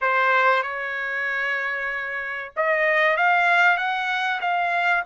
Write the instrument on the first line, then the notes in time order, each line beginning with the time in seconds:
trumpet
0.01 C5
0.63 C#5
2.56 D#5
3.17 F5
3.77 F#5
4.40 F5